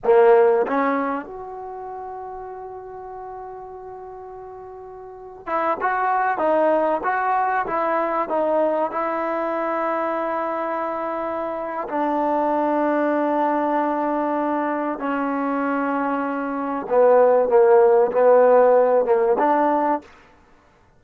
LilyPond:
\new Staff \with { instrumentName = "trombone" } { \time 4/4 \tempo 4 = 96 ais4 cis'4 fis'2~ | fis'1~ | fis'8. e'8 fis'4 dis'4 fis'8.~ | fis'16 e'4 dis'4 e'4.~ e'16~ |
e'2. d'4~ | d'1 | cis'2. b4 | ais4 b4. ais8 d'4 | }